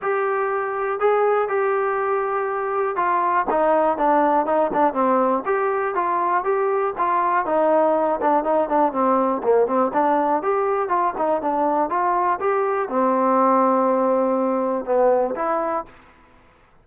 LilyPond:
\new Staff \with { instrumentName = "trombone" } { \time 4/4 \tempo 4 = 121 g'2 gis'4 g'4~ | g'2 f'4 dis'4 | d'4 dis'8 d'8 c'4 g'4 | f'4 g'4 f'4 dis'4~ |
dis'8 d'8 dis'8 d'8 c'4 ais8 c'8 | d'4 g'4 f'8 dis'8 d'4 | f'4 g'4 c'2~ | c'2 b4 e'4 | }